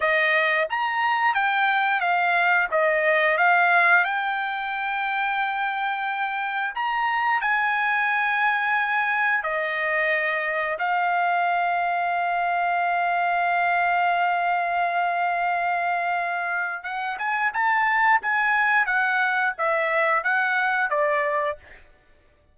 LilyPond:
\new Staff \with { instrumentName = "trumpet" } { \time 4/4 \tempo 4 = 89 dis''4 ais''4 g''4 f''4 | dis''4 f''4 g''2~ | g''2 ais''4 gis''4~ | gis''2 dis''2 |
f''1~ | f''1~ | f''4 fis''8 gis''8 a''4 gis''4 | fis''4 e''4 fis''4 d''4 | }